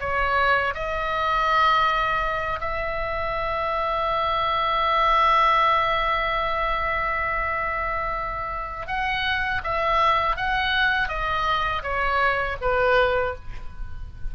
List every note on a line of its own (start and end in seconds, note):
0.00 0.74 C#5
0.75 2.60 D#5
2.61 8.88 E5
8.88 9.62 F#5
9.64 10.37 E5
10.37 11.08 F#5
11.08 11.82 D#5
11.83 12.57 C#5
12.61 13.35 B4